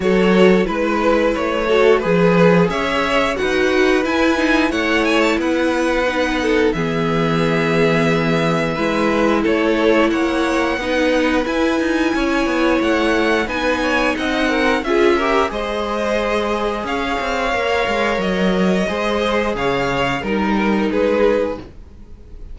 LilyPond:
<<
  \new Staff \with { instrumentName = "violin" } { \time 4/4 \tempo 4 = 89 cis''4 b'4 cis''4 b'4 | e''4 fis''4 gis''4 fis''8 gis''16 a''16 | fis''2 e''2~ | e''2 cis''4 fis''4~ |
fis''4 gis''2 fis''4 | gis''4 fis''4 e''4 dis''4~ | dis''4 f''2 dis''4~ | dis''4 f''4 ais'4 b'4 | }
  \new Staff \with { instrumentName = "violin" } { \time 4/4 a'4 b'4. a'8 gis'4 | cis''4 b'2 cis''4 | b'4. a'8 gis'2~ | gis'4 b'4 a'4 cis''4 |
b'2 cis''2 | b'8 cis''8 dis''8 ais'8 gis'8 ais'8 c''4~ | c''4 cis''2. | c''4 cis''4 ais'4 gis'4 | }
  \new Staff \with { instrumentName = "viola" } { \time 4/4 fis'4 e'4. fis'8 gis'4~ | gis'4 fis'4 e'8 dis'8 e'4~ | e'4 dis'4 b2~ | b4 e'2. |
dis'4 e'2. | dis'2 f'8 g'8 gis'4~ | gis'2 ais'2 | gis'2 dis'2 | }
  \new Staff \with { instrumentName = "cello" } { \time 4/4 fis4 gis4 a4 f4 | cis'4 dis'4 e'4 a4 | b2 e2~ | e4 gis4 a4 ais4 |
b4 e'8 dis'8 cis'8 b8 a4 | b4 c'4 cis'4 gis4~ | gis4 cis'8 c'8 ais8 gis8 fis4 | gis4 cis4 g4 gis4 | }
>>